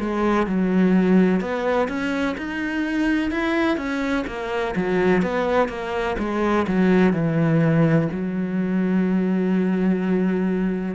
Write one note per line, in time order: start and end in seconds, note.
0.00 0.47 G#3
0.47 1.41 F#3
1.41 1.88 B3
1.88 2.35 C#4
2.37 3.31 D#4
3.31 3.77 E4
3.77 4.25 C#4
4.27 4.75 A#3
4.76 5.23 F#3
5.23 5.69 B3
5.69 6.16 A#3
6.19 6.66 G#3
6.68 7.13 F#3
7.13 8.08 E3
8.12 10.95 F#3